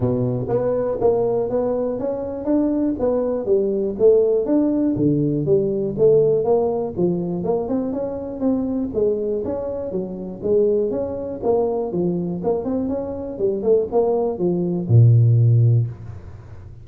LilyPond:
\new Staff \with { instrumentName = "tuba" } { \time 4/4 \tempo 4 = 121 b,4 b4 ais4 b4 | cis'4 d'4 b4 g4 | a4 d'4 d4 g4 | a4 ais4 f4 ais8 c'8 |
cis'4 c'4 gis4 cis'4 | fis4 gis4 cis'4 ais4 | f4 ais8 c'8 cis'4 g8 a8 | ais4 f4 ais,2 | }